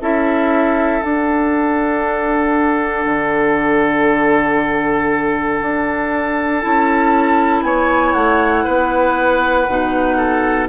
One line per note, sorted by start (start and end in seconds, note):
0.00 1.02 C#4
0.00 1.02 E4
0.00 7.64 A4
0.00 1.02 E5
1.02 6.61 D4
1.02 3.05 D4
1.02 6.61 F#5
3.05 5.60 D3
5.61 6.63 D4
6.61 7.62 C#4
6.61 9.67 E4
6.61 7.62 A5
7.62 8.13 B3
7.62 8.64 C#5
7.62 8.13 G#5
8.13 8.64 A3
8.13 10.67 F#5
8.64 9.68 B3
8.64 10.16 B4
9.68 10.69 B2
9.68 10.69 D#4
10.17 10.68 A4